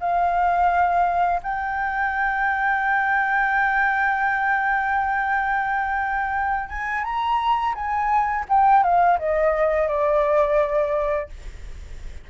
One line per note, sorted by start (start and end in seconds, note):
0.00 1.41 F5
1.43 6.69 G5
6.69 7.04 G#5
7.04 7.75 A#5
7.75 8.45 G#5
8.49 8.83 G5
8.83 9.19 F5
9.19 9.88 D#5
9.88 11.29 D5